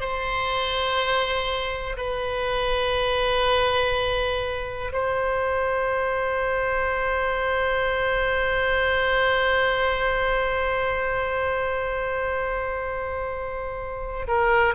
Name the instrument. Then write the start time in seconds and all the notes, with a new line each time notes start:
oboe
0.00 C5
1.97 B4
4.92 C5
14.27 A#4